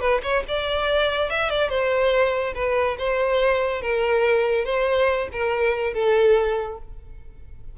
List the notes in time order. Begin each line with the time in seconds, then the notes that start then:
0.00 B4
0.23 C#5
0.48 D5
1.30 E5
1.50 D5
1.69 C5
2.55 B4
2.98 C5
3.82 A#4
4.65 C5
5.32 A#4
5.94 A4